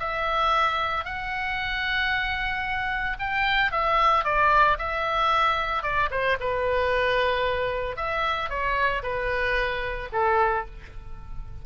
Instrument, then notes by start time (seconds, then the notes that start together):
oboe
0.00 E5
1.05 F#5
3.20 G5
3.72 E5
4.25 D5
4.79 E5
5.83 D5
6.11 C5
6.40 B4
7.97 E5
8.50 C#5
9.03 B4
10.13 A4